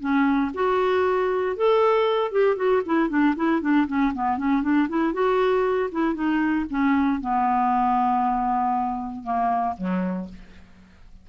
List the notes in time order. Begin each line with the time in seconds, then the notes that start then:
0.00 C#4
0.54 F#4
1.56 A4
2.31 G4
2.56 F#4
2.85 E4
3.09 D4
3.36 E4
3.61 D4
3.87 C#4
4.14 B3
4.37 C#4
4.62 D4
4.89 E4
5.13 F#4
5.91 E4
6.14 D#4
6.70 C#4
7.21 B3
9.24 A#3
9.77 F#3